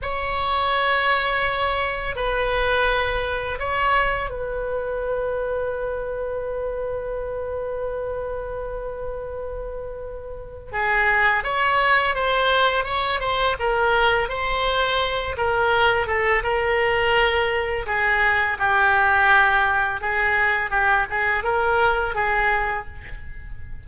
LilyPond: \new Staff \with { instrumentName = "oboe" } { \time 4/4 \tempo 4 = 84 cis''2. b'4~ | b'4 cis''4 b'2~ | b'1~ | b'2. gis'4 |
cis''4 c''4 cis''8 c''8 ais'4 | c''4. ais'4 a'8 ais'4~ | ais'4 gis'4 g'2 | gis'4 g'8 gis'8 ais'4 gis'4 | }